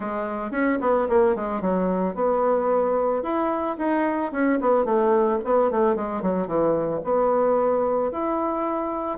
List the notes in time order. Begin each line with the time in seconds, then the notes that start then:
0.00 G#3
0.51 C#4
0.81 B3
1.08 A#3
1.35 G#3
1.61 F#3
2.14 B3
3.23 E4
3.78 D#4
4.32 C#4
4.60 B3
4.85 A3
5.44 B3
5.70 A3
5.95 G#3
6.22 F#3
6.47 E3
7.04 B3
8.11 E4